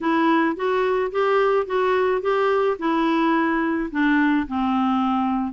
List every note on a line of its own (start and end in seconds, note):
0.01 0.56 E4
0.56 1.11 F#4
1.11 1.66 G4
1.66 2.21 F#4
2.21 2.77 G4
2.78 3.89 E4
3.91 4.46 D4
4.47 5.53 C4